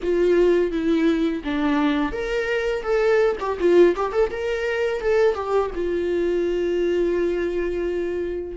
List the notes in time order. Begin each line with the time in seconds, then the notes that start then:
0.03 F4
0.71 E4
1.44 D4
2.12 A#4
2.82 A4
3.40 G4
3.59 F4
3.96 G4
4.12 A4
4.30 A#4
5.01 A4
5.34 G4
5.74 F4